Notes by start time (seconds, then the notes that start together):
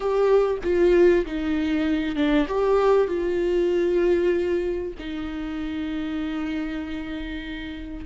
0.00 G4
0.63 F4
1.25 D#4
2.15 D4
2.47 G4
3.07 F4
4.98 D#4